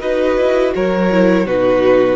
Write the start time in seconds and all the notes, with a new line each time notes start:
0.00 D#4 F#4 B4 D#5
0.38 E4
0.75 F#3 A#4 C#5
1.11 E4
1.46 B2 D#4 F#4 B4